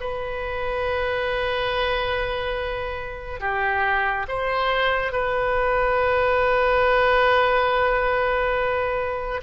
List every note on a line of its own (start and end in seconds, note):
0.00 3.40 B4
3.40 4.26 G4
4.28 5.12 C5
5.12 9.41 B4